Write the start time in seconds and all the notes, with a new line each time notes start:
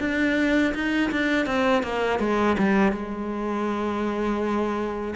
0.00 D4
0.74 D#4
1.12 D4
1.46 C4
1.83 A#3
2.20 G#3
2.58 G3
2.92 G#3